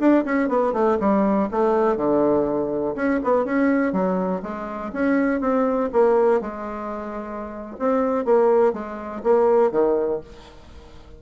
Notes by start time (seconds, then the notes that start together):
0.00 D4
0.26 C#4
0.49 B3
0.74 A3
1.00 G3
1.52 A3
1.97 D3
2.96 C#4
3.24 B3
3.46 C#4
3.93 F#3
4.43 G#3
4.93 C#4
5.41 C4
5.93 A#3
6.42 G#3
7.80 C4
8.25 A#3
8.73 G#3
9.24 A#3
9.72 D#3